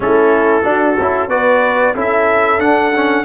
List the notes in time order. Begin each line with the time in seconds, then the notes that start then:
0.00 A3 C#4 E4 A4
0.62 D4 F#4
0.98 C#4 E4
1.28 B3 F#4 B4 D5
1.95 C#4 E4 A4 E5
2.59 D4 F#5
2.95 C#4